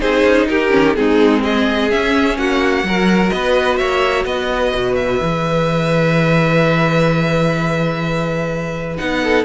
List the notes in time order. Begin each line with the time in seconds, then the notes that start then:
0.00 C4 D#4 G#4 C5
0.24 C#4
0.49 D#4 G4 A#4
0.70 D#3 C#4
0.96 G#3 C4 D#4 G#4
1.44 G#4 D#5
1.91 C#4 E5
2.38 A#3 F#4 F#5
2.84 F#3 F#4 A#4
3.30 B3 B4 D#5
3.77 A#3 C#5 E5
4.25 B3 B4 D#5
4.75 B2
4.95 E5
5.21 E3 G#4
8.98 B3 D#4 F#5
9.24 A4